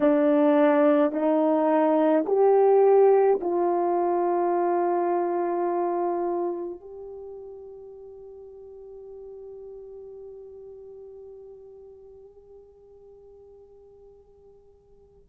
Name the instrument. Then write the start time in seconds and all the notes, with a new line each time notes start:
horn
0.00 D4
1.12 D#4
2.26 G4
3.41 F4
6.80 G4